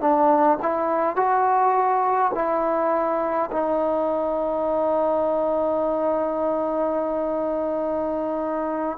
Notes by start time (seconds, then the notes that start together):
0.00 D4
0.62 E4
1.16 F#4
2.34 E4
3.51 D#4